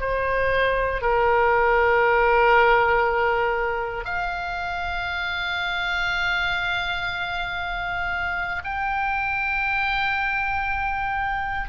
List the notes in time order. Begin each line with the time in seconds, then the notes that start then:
0.00 C5
1.02 A#4
4.04 F5
8.63 G5